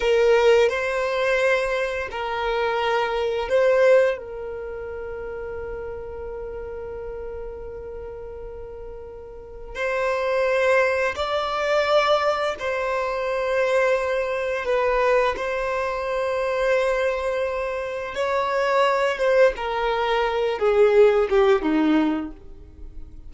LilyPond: \new Staff \with { instrumentName = "violin" } { \time 4/4 \tempo 4 = 86 ais'4 c''2 ais'4~ | ais'4 c''4 ais'2~ | ais'1~ | ais'2 c''2 |
d''2 c''2~ | c''4 b'4 c''2~ | c''2 cis''4. c''8 | ais'4. gis'4 g'8 dis'4 | }